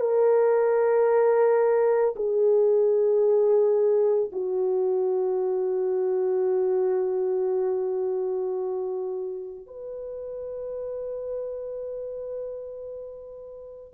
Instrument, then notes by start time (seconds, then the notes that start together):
horn
0.00 A#4
2.16 G#4
4.32 F#4
9.66 B4